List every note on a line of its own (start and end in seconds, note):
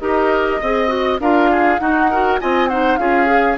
0.00 0.60 D#4
0.00 0.61 G4
0.00 0.61 A#4
0.00 1.19 D#5
0.61 1.20 C4
0.61 0.87 G#4
0.61 1.20 D#5
0.87 1.17 F#4
1.20 1.79 D4
1.20 1.79 F4
1.20 1.50 A#4
1.20 1.79 F5
1.51 1.80 G#4
1.79 2.09 D#4
1.79 2.39 D#4
1.79 2.10 F#4
1.79 2.38 F#5
2.10 2.40 F#4
2.10 2.40 A#4
2.40 2.98 C4
2.40 2.70 F4
2.40 2.69 D#5
2.40 2.68 G#5
2.68 2.99 D#4
2.68 2.99 C5
2.68 2.97 F#5
2.97 3.58 C#4
2.97 3.26 F4
2.97 3.58 G#4
2.97 3.56 F5
3.26 3.56 G#4